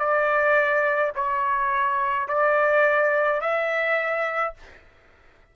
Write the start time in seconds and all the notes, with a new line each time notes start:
0.00 D5
1.16 C#5
2.28 D5
3.41 E5